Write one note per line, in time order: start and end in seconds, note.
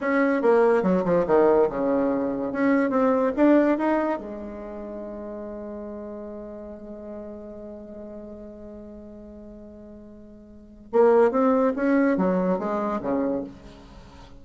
0.01 0.41 C#4
0.41 0.83 A#3
0.83 1.04 F#3
1.04 1.25 F3
1.26 1.68 D#3
1.69 2.52 C#3
2.52 2.90 C#4
2.90 3.31 C4
3.36 3.78 D4
3.78 4.18 D#4
4.18 10.90 G#3
10.92 11.31 A#3
11.31 11.73 C4
11.75 12.17 C#4
12.17 12.59 F#3
12.59 13.01 G#3
13.01 13.43 C#3